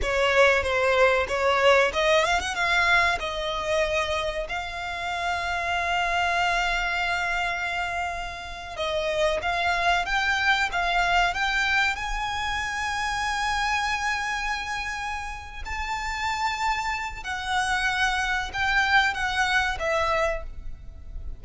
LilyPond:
\new Staff \with { instrumentName = "violin" } { \time 4/4 \tempo 4 = 94 cis''4 c''4 cis''4 dis''8 f''16 fis''16 | f''4 dis''2 f''4~ | f''1~ | f''4.~ f''16 dis''4 f''4 g''16~ |
g''8. f''4 g''4 gis''4~ gis''16~ | gis''1~ | gis''8 a''2~ a''8 fis''4~ | fis''4 g''4 fis''4 e''4 | }